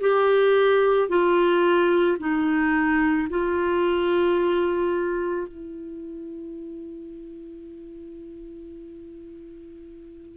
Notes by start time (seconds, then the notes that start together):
0.00 G4
1.08 F4
2.19 D#4
3.29 F4
5.47 E4